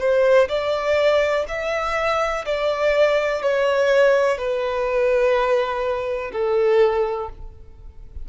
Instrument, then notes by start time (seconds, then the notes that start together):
violin
0.00 C5
0.49 D5
1.48 E5
2.46 D5
3.42 C#5
4.38 B4
6.33 A4